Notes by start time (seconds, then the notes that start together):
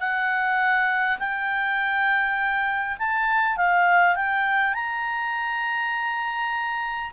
0.00 F#5
1.19 G5
2.99 A5
3.57 F5
4.16 G5
4.74 A#5